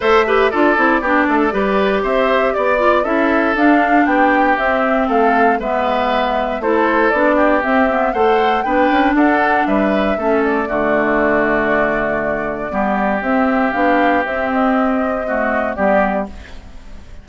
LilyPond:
<<
  \new Staff \with { instrumentName = "flute" } { \time 4/4 \tempo 4 = 118 e''4 d''2. | e''4 d''4 e''4 f''4 | g''4 e''4 f''4 e''4~ | e''4 c''4 d''4 e''4 |
fis''4 g''4 fis''4 e''4~ | e''8 d''2.~ d''8~ | d''2 e''4 f''4 | e''8 dis''2~ dis''8 d''4 | }
  \new Staff \with { instrumentName = "oboe" } { \time 4/4 c''8 b'8 a'4 g'8 a'8 b'4 | c''4 d''4 a'2 | g'2 a'4 b'4~ | b'4 a'4. g'4. |
c''4 b'4 a'4 b'4 | a'4 fis'2.~ | fis'4 g'2.~ | g'2 fis'4 g'4 | }
  \new Staff \with { instrumentName = "clarinet" } { \time 4/4 a'8 g'8 f'8 e'8 d'4 g'4~ | g'4. f'8 e'4 d'4~ | d'4 c'2 b4~ | b4 e'4 d'4 c'8 b8 |
a'4 d'2. | cis'4 a2.~ | a4 b4 c'4 d'4 | c'2 a4 b4 | }
  \new Staff \with { instrumentName = "bassoon" } { \time 4/4 a4 d'8 c'8 b8 a8 g4 | c'4 b4 cis'4 d'4 | b4 c'4 a4 gis4~ | gis4 a4 b4 c'4 |
a4 b8 cis'8 d'4 g4 | a4 d2.~ | d4 g4 c'4 b4 | c'2. g4 | }
>>